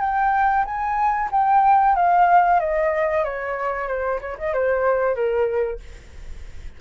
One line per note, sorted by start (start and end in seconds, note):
0.00 0.65 G5
0.65 1.29 G#5
1.31 1.95 G5
1.95 2.60 F5
2.60 3.24 D#5
3.24 3.88 C#5
3.88 4.20 C5
4.21 4.37 C#5
4.38 4.53 D#5
4.53 5.15 C5
5.15 5.79 A#4